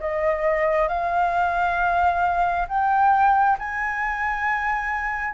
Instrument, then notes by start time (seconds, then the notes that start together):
flute
0.00 D#5
0.88 F5
2.68 G5
3.59 G#5